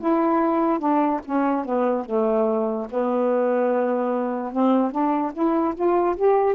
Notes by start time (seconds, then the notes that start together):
0.00 E4
0.80 D4
1.25 C#4
1.66 B3
2.05 A3
2.91 B3
4.52 C4
4.92 D4
5.33 E4
5.75 F4
6.16 G4